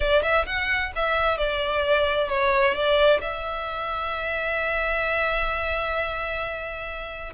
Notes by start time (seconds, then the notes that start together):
0.00 D5
0.22 E5
0.46 F#5
0.95 E5
1.37 D5
2.28 C#5
2.74 D5
3.21 E5